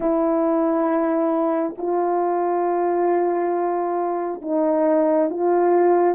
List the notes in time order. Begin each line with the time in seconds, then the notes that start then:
0.00 E4
1.77 F4
4.41 D#4
5.29 F4